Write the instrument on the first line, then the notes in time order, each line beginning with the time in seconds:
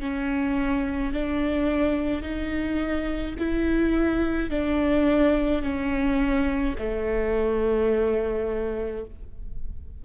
viola
0.00 C#4
1.13 D4
2.22 D#4
3.39 E4
4.50 D4
5.62 C#4
6.79 A3